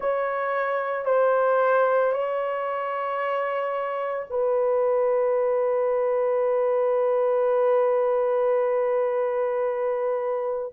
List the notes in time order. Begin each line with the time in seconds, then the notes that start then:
0.00 C#5
1.05 C5
2.12 C#5
4.30 B4